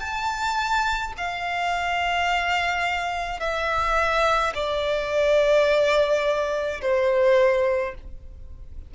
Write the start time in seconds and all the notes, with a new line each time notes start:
0.00 A5
1.17 F5
3.40 E5
4.54 D5
6.81 C5